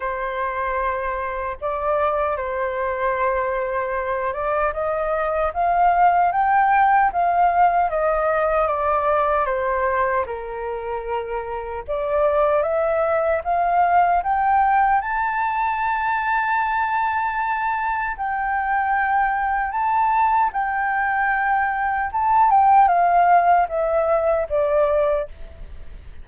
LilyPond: \new Staff \with { instrumentName = "flute" } { \time 4/4 \tempo 4 = 76 c''2 d''4 c''4~ | c''4. d''8 dis''4 f''4 | g''4 f''4 dis''4 d''4 | c''4 ais'2 d''4 |
e''4 f''4 g''4 a''4~ | a''2. g''4~ | g''4 a''4 g''2 | a''8 g''8 f''4 e''4 d''4 | }